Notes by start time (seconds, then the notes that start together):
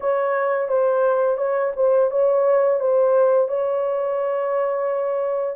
0.00 C#5
0.68 C5
1.37 C#5
1.76 C5
2.10 C#5
2.79 C5
3.48 C#5